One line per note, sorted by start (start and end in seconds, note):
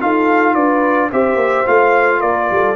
0.00 0.55 D#4
0.00 1.11 F4
0.00 0.55 A4
0.00 0.55 F5
0.55 1.11 D4
0.55 1.10 B4
0.55 1.11 D5
1.10 1.36 C4
1.10 1.67 G4
1.10 2.20 C5
1.10 1.68 E5
1.36 1.63 A#3
1.67 2.23 A3
1.67 2.76 F4
1.67 2.21 F5
2.20 2.51 A#3
2.20 2.48 A#4
2.20 2.76 D5
2.51 2.76 G3
2.51 2.76 A4